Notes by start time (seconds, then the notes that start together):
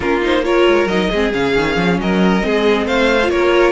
0.00 A#3 C#4 F4 A#4
0.21 D#4 C5
0.43 F4 A#4 C#5
0.67 G#3
0.86 F#3 D#4 D#5
1.10 G#3 C4 G#4
1.33 C#3 C#4 F5
1.56 D#3
1.76 F3
1.98 F#3 A#4 D#5
2.41 G#3 C4 G#4
2.86 A3 C5 F5
3.23 F4
3.29 A#3 A#4 C#5